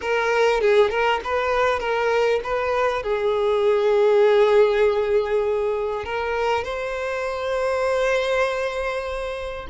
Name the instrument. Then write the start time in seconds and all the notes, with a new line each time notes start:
violin
0.01 A#4
0.60 G#4
0.90 A#4
1.24 B4
1.79 A#4
2.43 B4
3.02 G#4
6.04 A#4
6.64 C5